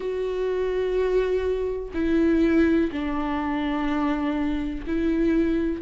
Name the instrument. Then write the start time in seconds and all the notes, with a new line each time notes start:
viola
0.00 F#4
1.94 E4
2.92 D4
4.86 E4